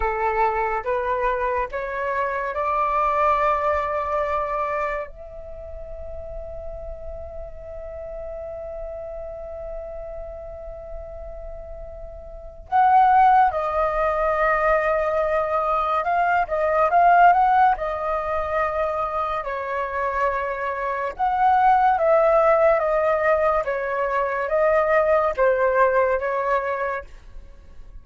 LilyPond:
\new Staff \with { instrumentName = "flute" } { \time 4/4 \tempo 4 = 71 a'4 b'4 cis''4 d''4~ | d''2 e''2~ | e''1~ | e''2. fis''4 |
dis''2. f''8 dis''8 | f''8 fis''8 dis''2 cis''4~ | cis''4 fis''4 e''4 dis''4 | cis''4 dis''4 c''4 cis''4 | }